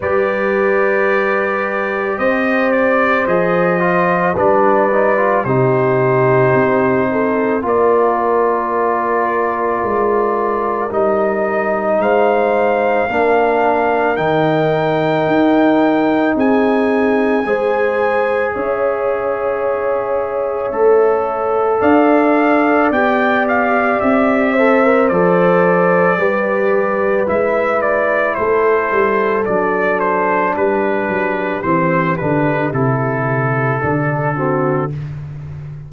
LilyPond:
<<
  \new Staff \with { instrumentName = "trumpet" } { \time 4/4 \tempo 4 = 55 d''2 dis''8 d''8 dis''4 | d''4 c''2 d''4~ | d''2 dis''4 f''4~ | f''4 g''2 gis''4~ |
gis''4 e''2. | f''4 g''8 f''8 e''4 d''4~ | d''4 e''8 d''8 c''4 d''8 c''8 | b'4 c''8 b'8 a'2 | }
  \new Staff \with { instrumentName = "horn" } { \time 4/4 b'2 c''2 | b'4 g'4. a'8 ais'4~ | ais'2. c''4 | ais'2. gis'4 |
c''4 cis''2. | d''2~ d''8 c''4. | b'2 a'2 | g'2.~ g'8 fis'8 | }
  \new Staff \with { instrumentName = "trombone" } { \time 4/4 g'2. gis'8 f'8 | d'8 dis'16 f'16 dis'2 f'4~ | f'2 dis'2 | d'4 dis'2. |
gis'2. a'4~ | a'4 g'4. a'16 ais'16 a'4 | g'4 e'2 d'4~ | d'4 c'8 d'8 e'4 d'8 c'8 | }
  \new Staff \with { instrumentName = "tuba" } { \time 4/4 g2 c'4 f4 | g4 c4 c'4 ais4~ | ais4 gis4 g4 gis4 | ais4 dis4 dis'4 c'4 |
gis4 cis'2 a4 | d'4 b4 c'4 f4 | g4 gis4 a8 g8 fis4 | g8 fis8 e8 d8 c4 d4 | }
>>